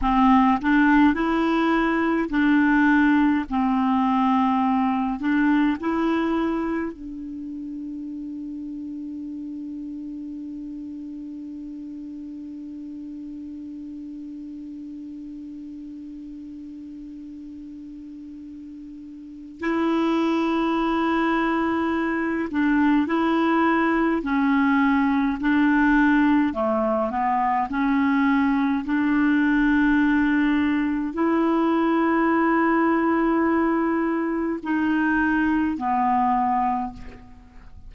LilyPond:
\new Staff \with { instrumentName = "clarinet" } { \time 4/4 \tempo 4 = 52 c'8 d'8 e'4 d'4 c'4~ | c'8 d'8 e'4 d'2~ | d'1~ | d'1~ |
d'4 e'2~ e'8 d'8 | e'4 cis'4 d'4 a8 b8 | cis'4 d'2 e'4~ | e'2 dis'4 b4 | }